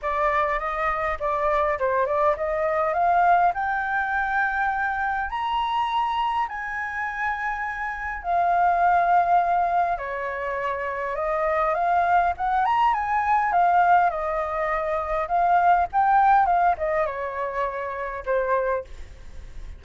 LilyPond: \new Staff \with { instrumentName = "flute" } { \time 4/4 \tempo 4 = 102 d''4 dis''4 d''4 c''8 d''8 | dis''4 f''4 g''2~ | g''4 ais''2 gis''4~ | gis''2 f''2~ |
f''4 cis''2 dis''4 | f''4 fis''8 ais''8 gis''4 f''4 | dis''2 f''4 g''4 | f''8 dis''8 cis''2 c''4 | }